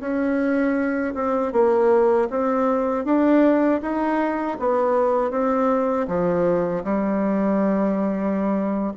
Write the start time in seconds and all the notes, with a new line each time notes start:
0.00 C#4
1.14 C4
1.52 A#3
2.30 C4
3.05 D4
3.81 D#4
4.59 B3
5.31 C4
6.08 F3
6.84 G3